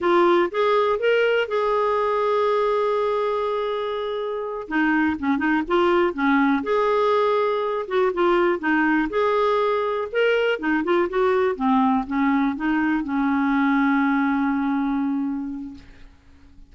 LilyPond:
\new Staff \with { instrumentName = "clarinet" } { \time 4/4 \tempo 4 = 122 f'4 gis'4 ais'4 gis'4~ | gis'1~ | gis'4. dis'4 cis'8 dis'8 f'8~ | f'8 cis'4 gis'2~ gis'8 |
fis'8 f'4 dis'4 gis'4.~ | gis'8 ais'4 dis'8 f'8 fis'4 c'8~ | c'8 cis'4 dis'4 cis'4.~ | cis'1 | }